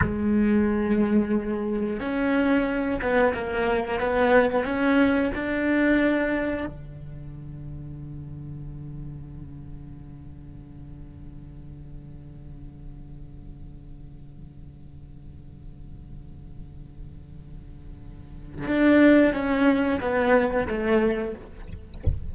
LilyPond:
\new Staff \with { instrumentName = "cello" } { \time 4/4 \tempo 4 = 90 gis2. cis'4~ | cis'8 b8 ais4 b4 cis'4 | d'2 d2~ | d1~ |
d1~ | d1~ | d1 | d'4 cis'4 b4 a4 | }